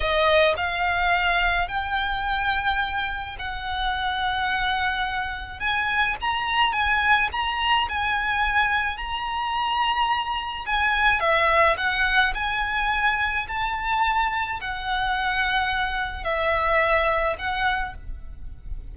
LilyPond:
\new Staff \with { instrumentName = "violin" } { \time 4/4 \tempo 4 = 107 dis''4 f''2 g''4~ | g''2 fis''2~ | fis''2 gis''4 ais''4 | gis''4 ais''4 gis''2 |
ais''2. gis''4 | e''4 fis''4 gis''2 | a''2 fis''2~ | fis''4 e''2 fis''4 | }